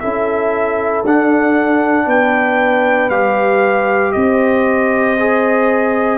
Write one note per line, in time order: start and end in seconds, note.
0.00 1.05 C#4
0.00 1.05 E4
0.00 2.06 A4
0.00 1.03 E5
1.05 2.07 D4
1.05 3.11 D4
1.05 2.09 F#5
2.06 3.10 B3
2.06 4.13 B4
2.06 3.10 G5
3.10 4.13 G3
3.10 5.18 G4
3.10 4.12 F5
4.12 6.18 C4
4.12 6.18 C5
4.12 6.18 D#5
5.20 6.18 G#4